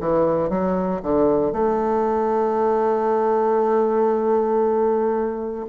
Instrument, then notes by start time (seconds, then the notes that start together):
bassoon
0.00 E3
0.49 F#3
1.02 D3
1.52 A3